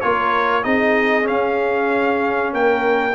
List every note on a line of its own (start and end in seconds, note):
0.00 0.65 A#3
0.00 0.62 F4
0.00 0.64 A#4
0.00 0.63 C#5
0.62 1.28 C4
0.62 1.23 D#4
0.62 2.52 G#4
0.62 1.26 D#5
1.23 3.12 C#4
1.23 2.53 C#4
1.23 2.53 F5
2.52 3.14 A#3
2.52 3.14 A#4
2.52 3.14 G5